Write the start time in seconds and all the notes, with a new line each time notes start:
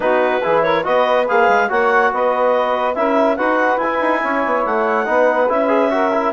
0.00 B3 D#4 F#4 B4
0.42 E3 E4 G#4
0.62 A#4 C#5
0.83 B3 F#4 B4 D#5
1.28 A#3 G#4 F5
1.48 G#3
1.68 A#3 F#4 C#5 F#5
2.12 B3 B4 D#5
2.94 C#4 E4 A#4 E5
3.36 D#4 F#4 B4 F#5
3.76 E4 G#5
3.83 E4
4.01 D#4
4.22 C#4 C#5
4.45 B3
4.65 A3 F#5
5.05 B3 D#4 B4
5.49 C#4 E4 E5
5.68 G#4
5.90 F#4 A#4
6.13 E4